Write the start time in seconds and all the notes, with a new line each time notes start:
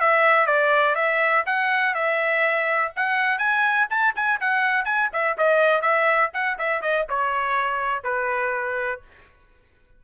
0.00 E5
0.47 D5
0.96 E5
1.46 F#5
1.95 E5
2.96 F#5
3.39 G#5
3.90 A5
4.16 G#5
4.41 F#5
4.85 G#5
5.13 E5
5.38 D#5
5.82 E5
6.34 F#5
6.59 E5
6.82 D#5
7.09 C#5
8.04 B4